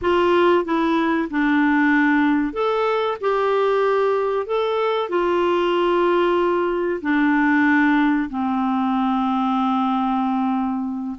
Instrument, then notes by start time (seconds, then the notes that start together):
clarinet
0.01 F4
0.64 E4
1.30 D4
2.53 A4
3.20 G4
4.46 A4
5.09 F4
7.01 D4
8.29 C4